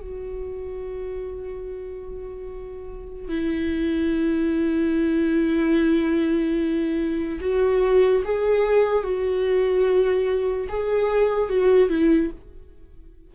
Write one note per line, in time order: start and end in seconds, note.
0.00 3.28 F#4
3.28 7.39 E4
7.40 8.22 F#4
8.24 9.03 G#4
9.03 10.67 F#4
10.68 11.49 G#4
11.49 11.89 F#4
11.89 12.30 E4